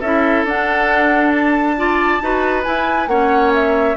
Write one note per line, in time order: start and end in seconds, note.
0.00 0.45 C#4
0.00 0.48 E4
0.00 1.75 A4
0.00 0.45 E5
0.45 2.20 D4
0.45 1.77 D4
0.45 1.31 F#5
1.31 2.63 A5
1.77 2.21 F4
1.77 2.23 D5
2.22 2.66 D#4
2.22 2.64 F#4
2.22 3.10 B4
2.64 3.08 E4
2.64 3.07 E4
2.64 3.08 G#5
3.07 3.95 A#3
3.07 3.97 C#4
3.07 3.97 C#5
3.07 3.52 F#5
3.54 3.97 E5